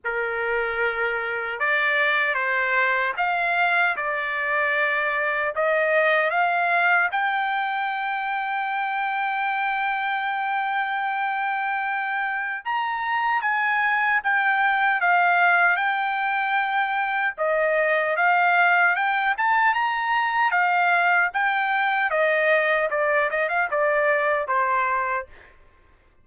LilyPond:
\new Staff \with { instrumentName = "trumpet" } { \time 4/4 \tempo 4 = 76 ais'2 d''4 c''4 | f''4 d''2 dis''4 | f''4 g''2.~ | g''1 |
ais''4 gis''4 g''4 f''4 | g''2 dis''4 f''4 | g''8 a''8 ais''4 f''4 g''4 | dis''4 d''8 dis''16 f''16 d''4 c''4 | }